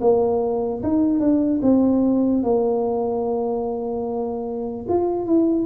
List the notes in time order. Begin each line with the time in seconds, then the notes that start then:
0.00 A#3
0.83 D#4
1.19 D4
1.62 C4
2.43 A#3
4.88 F4
5.26 E4